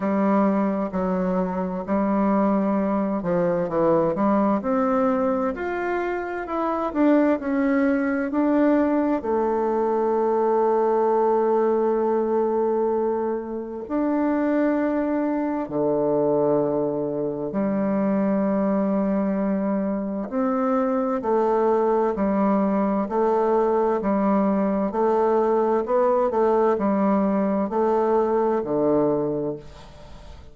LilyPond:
\new Staff \with { instrumentName = "bassoon" } { \time 4/4 \tempo 4 = 65 g4 fis4 g4. f8 | e8 g8 c'4 f'4 e'8 d'8 | cis'4 d'4 a2~ | a2. d'4~ |
d'4 d2 g4~ | g2 c'4 a4 | g4 a4 g4 a4 | b8 a8 g4 a4 d4 | }